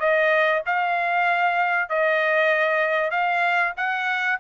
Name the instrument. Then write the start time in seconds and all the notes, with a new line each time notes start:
trumpet
0.00 D#5
0.66 F5
1.89 D#5
3.11 F5
3.76 F#5